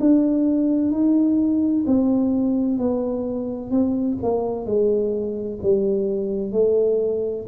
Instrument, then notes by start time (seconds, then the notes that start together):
tuba
0.00 D4
0.91 D#4
1.86 C4
2.78 B3
3.71 C4
4.23 A#3
4.66 G#3
5.62 G3
6.52 A3